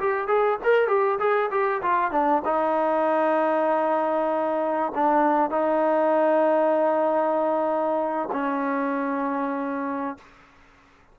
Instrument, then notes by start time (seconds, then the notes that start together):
trombone
0.00 G4
0.28 G#4
0.64 A#4
0.88 G4
1.19 G#4
1.51 G4
1.82 F4
2.12 D4
2.45 D#4
4.95 D4
5.51 D#4
8.32 C#4